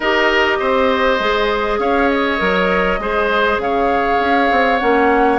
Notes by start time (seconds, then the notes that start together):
0.00 D#4 G4 A#4 D#5
0.59 C4 C5
1.19 G#3 G#4
1.79 C#4 C#5 F5
2.08 D#5
2.38 F#3 A#4
2.98 G#3 G#4 C5
3.57 C#3 C#5 F5
4.19 C#4
4.51 C4
4.78 A#3 C#4 F#5